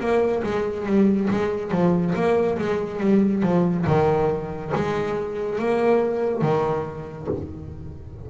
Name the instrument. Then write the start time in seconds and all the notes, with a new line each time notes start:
double bass
0.00 A#3
0.44 G#3
0.86 G3
1.31 G#3
1.71 F3
2.15 A#3
2.59 G#3
3.00 G3
3.43 F3
3.86 D#3
4.75 G#3
5.59 A#3
6.42 D#3